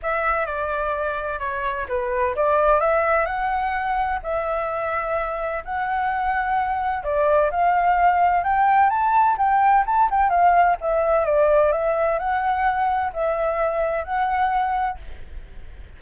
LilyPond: \new Staff \with { instrumentName = "flute" } { \time 4/4 \tempo 4 = 128 e''4 d''2 cis''4 | b'4 d''4 e''4 fis''4~ | fis''4 e''2. | fis''2. d''4 |
f''2 g''4 a''4 | g''4 a''8 g''8 f''4 e''4 | d''4 e''4 fis''2 | e''2 fis''2 | }